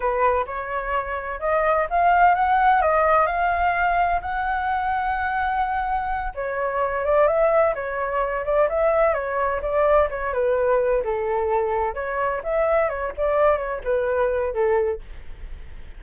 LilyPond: \new Staff \with { instrumentName = "flute" } { \time 4/4 \tempo 4 = 128 b'4 cis''2 dis''4 | f''4 fis''4 dis''4 f''4~ | f''4 fis''2.~ | fis''4. cis''4. d''8 e''8~ |
e''8 cis''4. d''8 e''4 cis''8~ | cis''8 d''4 cis''8 b'4. a'8~ | a'4. cis''4 e''4 cis''8 | d''4 cis''8 b'4. a'4 | }